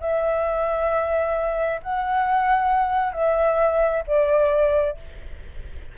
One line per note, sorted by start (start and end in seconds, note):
0.00 1.80 E5
1.82 3.13 F#5
3.13 4.03 E5
4.06 4.97 D5